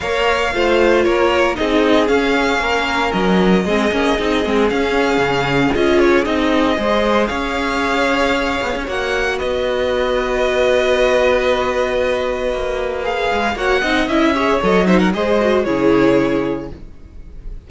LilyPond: <<
  \new Staff \with { instrumentName = "violin" } { \time 4/4 \tempo 4 = 115 f''2 cis''4 dis''4 | f''2 dis''2~ | dis''4 f''2 dis''8 cis''8 | dis''2 f''2~ |
f''4 fis''4 dis''2~ | dis''1~ | dis''4 f''4 fis''4 e''4 | dis''8 e''16 fis''16 dis''4 cis''2 | }
  \new Staff \with { instrumentName = "violin" } { \time 4/4 cis''4 c''4 ais'4 gis'4~ | gis'4 ais'2 gis'4~ | gis'1~ | gis'4 c''4 cis''2~ |
cis''2 b'2~ | b'1~ | b'2 cis''8 dis''4 cis''8~ | cis''8 c''16 ais'16 c''4 gis'2 | }
  \new Staff \with { instrumentName = "viola" } { \time 4/4 ais'4 f'2 dis'4 | cis'2. c'8 cis'8 | dis'8 c'8 cis'2 f'4 | dis'4 gis'2.~ |
gis'4 fis'2.~ | fis'1~ | fis'4 gis'4 fis'8 dis'8 e'8 gis'8 | a'8 dis'8 gis'8 fis'8 e'2 | }
  \new Staff \with { instrumentName = "cello" } { \time 4/4 ais4 a4 ais4 c'4 | cis'4 ais4 fis4 gis8 ais8 | c'8 gis8 cis'4 cis4 cis'4 | c'4 gis4 cis'2~ |
cis'8 b16 cis'16 ais4 b2~ | b1 | ais4. gis8 ais8 c'8 cis'4 | fis4 gis4 cis2 | }
>>